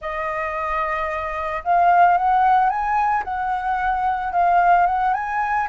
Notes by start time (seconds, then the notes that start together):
0.01 D#5
1.64 F5
2.17 F#5
2.69 G#5
3.24 F#5
4.32 F5
4.86 F#5
5.13 G#5